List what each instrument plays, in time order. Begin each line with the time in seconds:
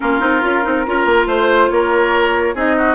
0.00 bassoon A#3, clarinet C#4, oboe F4, flute A#4
0.19 bassoon C4, clarinet D#4
0.41 bassoon C#4, clarinet F4
0.62 bassoon C4, clarinet D#4
0.85 bassoon C#4, clarinet F4, oboe A#4
1.05 bassoon A#3
1.26 bassoon A3, oboe C5, flute C5
1.70 bassoon A#3, oboe A#4, flute C#5
2.54 bassoon C4, clarinet D#4, oboe G#4, flute D#5
2.77 oboe F#4